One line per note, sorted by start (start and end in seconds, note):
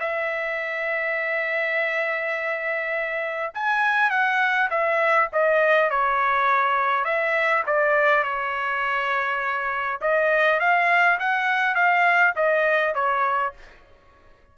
0.00 3.53 E5
3.54 4.11 G#5
4.11 4.70 F#5
4.71 5.29 E5
5.33 5.90 D#5
5.90 7.05 C#5
7.05 7.64 E5
7.67 8.24 D5
8.24 10.00 C#5
10.01 10.60 D#5
10.60 11.19 F5
11.20 11.75 F#5
11.75 12.34 F5
12.36 12.95 D#5
12.95 13.54 C#5